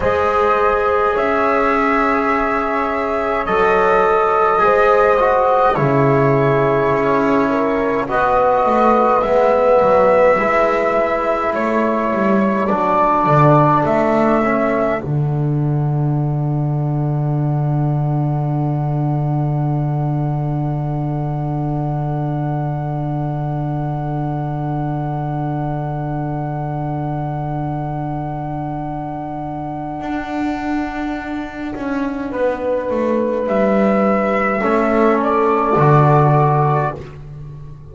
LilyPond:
<<
  \new Staff \with { instrumentName = "flute" } { \time 4/4 \tempo 4 = 52 dis''4 e''2 dis''4~ | dis''4 cis''2 dis''4 | e''2 cis''4 d''4 | e''4 fis''2.~ |
fis''1~ | fis''1~ | fis''1~ | fis''4 e''4. d''4. | }
  \new Staff \with { instrumentName = "horn" } { \time 4/4 c''4 cis''2. | c''4 gis'4. ais'8 b'4~ | b'2 a'2~ | a'1~ |
a'1~ | a'1~ | a'1 | b'2 a'2 | }
  \new Staff \with { instrumentName = "trombone" } { \time 4/4 gis'2. a'4 | gis'8 fis'8 e'2 fis'4 | b4 e'2 d'4~ | d'8 cis'8 d'2.~ |
d'1~ | d'1~ | d'1~ | d'2 cis'4 fis'4 | }
  \new Staff \with { instrumentName = "double bass" } { \time 4/4 gis4 cis'2 fis4 | gis4 cis4 cis'4 b8 a8 | gis8 fis8 gis4 a8 g8 fis8 d8 | a4 d2.~ |
d1~ | d1~ | d2 d'4. cis'8 | b8 a8 g4 a4 d4 | }
>>